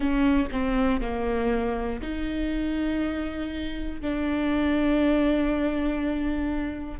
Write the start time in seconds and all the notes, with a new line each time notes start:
0.00 C#4
0.51 C4
1.00 A#3
2.01 D#4
4.00 D4